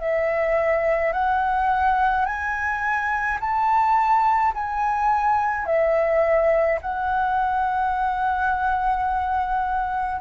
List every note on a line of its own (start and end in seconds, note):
0.00 1.13 E5
1.13 2.26 F#5
2.26 3.39 G#5
3.41 4.54 A5
4.54 5.67 G#5
5.67 6.80 E5
6.82 10.21 F#5